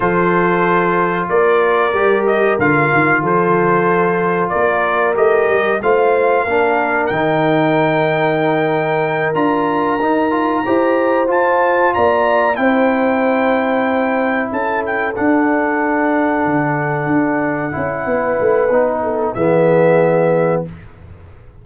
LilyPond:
<<
  \new Staff \with { instrumentName = "trumpet" } { \time 4/4 \tempo 4 = 93 c''2 d''4. dis''8 | f''4 c''2 d''4 | dis''4 f''2 g''4~ | g''2~ g''8 ais''4.~ |
ais''4. a''4 ais''4 g''8~ | g''2~ g''8 a''8 g''8 fis''8~ | fis''1~ | fis''2 e''2 | }
  \new Staff \with { instrumentName = "horn" } { \time 4/4 a'2 ais'2~ | ais'4 a'2 ais'4~ | ais'4 c''4 ais'2~ | ais'1~ |
ais'8 c''2 d''4 c''8~ | c''2~ c''8 a'4.~ | a'1 | b'4. a'8 gis'2 | }
  \new Staff \with { instrumentName = "trombone" } { \time 4/4 f'2. g'4 | f'1 | g'4 f'4 d'4 dis'4~ | dis'2~ dis'8 f'4 dis'8 |
f'8 g'4 f'2 e'8~ | e'2.~ e'8 d'8~ | d'2.~ d'8 e'8~ | e'4 dis'4 b2 | }
  \new Staff \with { instrumentName = "tuba" } { \time 4/4 f2 ais4 g4 | d8 dis8 f2 ais4 | a8 g8 a4 ais4 dis4~ | dis2~ dis8 d'4 dis'8~ |
dis'8 e'4 f'4 ais4 c'8~ | c'2~ c'8 cis'4 d'8~ | d'4. d4 d'4 cis'8 | b8 a8 b4 e2 | }
>>